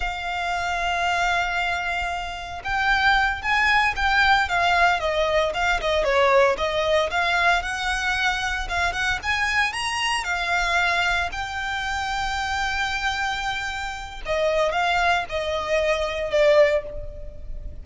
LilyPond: \new Staff \with { instrumentName = "violin" } { \time 4/4 \tempo 4 = 114 f''1~ | f''4 g''4. gis''4 g''8~ | g''8 f''4 dis''4 f''8 dis''8 cis''8~ | cis''8 dis''4 f''4 fis''4.~ |
fis''8 f''8 fis''8 gis''4 ais''4 f''8~ | f''4. g''2~ g''8~ | g''2. dis''4 | f''4 dis''2 d''4 | }